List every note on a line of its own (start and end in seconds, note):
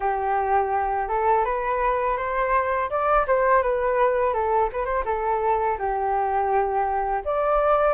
0.00 1.08 G4
1.08 1.44 A4
1.45 2.17 B4
2.17 2.89 C5
2.89 3.26 D5
3.27 3.62 C5
3.62 4.33 B4
4.33 4.69 A4
4.72 4.85 B4
4.85 5.03 C5
5.05 5.77 A4
5.78 7.23 G4
7.25 7.94 D5